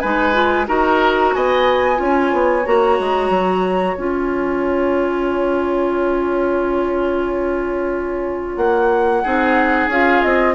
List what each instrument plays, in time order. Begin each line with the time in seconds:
0.00 bassoon G#3, clarinet D#4, oboe B4, flute G#5
0.34 clarinet F4
0.67 bassoon D#4, clarinet F#4, oboe A#4, flute A#5
1.34 bassoon B3, oboe D#5, flute G#5
1.96 bassoon C#4, clarinet F4
2.02 oboe C#5
2.33 bassoon B3
2.66 bassoon A#3, clarinet F#4, flute A#5
3.00 bassoon G#3
3.30 bassoon F#3
3.98 bassoon C#4, clarinet F4, flute G#5
8.57 bassoon A#3, flute F#5
9.23 bassoon C4, clarinet D#4, oboe G#4
9.88 bassoon C#4, clarinet F4, flute F5
10.23 bassoon C4, flute D#5